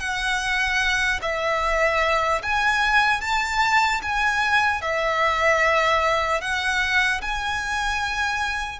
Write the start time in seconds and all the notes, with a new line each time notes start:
0.00 F#5
1.22 E5
2.43 G#5
3.21 A5
4.03 G#5
4.82 E5
6.41 F#5
7.22 G#5